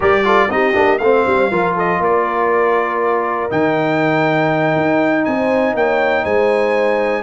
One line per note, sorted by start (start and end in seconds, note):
0.00 0.49 G3
0.00 0.24 G4
0.00 0.25 A#4
0.00 0.51 D5
0.24 0.49 F4
0.24 0.50 A4
0.49 0.74 C4
0.49 0.73 D#4
0.49 1.02 G4
0.49 0.98 D#5
0.73 0.99 A#3
0.73 0.98 D4
0.98 1.24 A3
0.98 1.51 C4
0.98 1.50 C5
0.98 1.73 F5
1.26 1.50 G3
1.50 1.99 F3
1.50 3.50 F4
1.50 1.74 A#4
1.74 1.99 A4
1.74 2.03 D#5
1.99 3.49 A#3
1.99 5.25 A#4
1.99 3.51 D5
3.50 4.76 D#3
3.50 7.22 D#4
3.50 5.24 G5
4.76 5.26 D#4
5.24 5.73 C4
5.24 5.76 C5
5.24 5.74 G#5
5.73 6.23 A#3
5.73 6.23 C#5
5.73 6.24 G5
6.23 7.22 G#3
6.23 7.22 C5
6.23 7.22 G#5